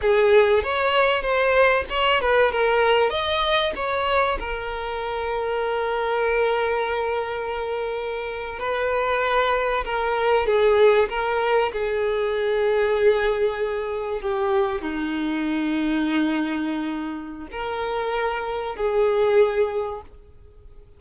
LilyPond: \new Staff \with { instrumentName = "violin" } { \time 4/4 \tempo 4 = 96 gis'4 cis''4 c''4 cis''8 b'8 | ais'4 dis''4 cis''4 ais'4~ | ais'1~ | ais'4.~ ais'16 b'2 ais'16~ |
ais'8. gis'4 ais'4 gis'4~ gis'16~ | gis'2~ gis'8. g'4 dis'16~ | dis'1 | ais'2 gis'2 | }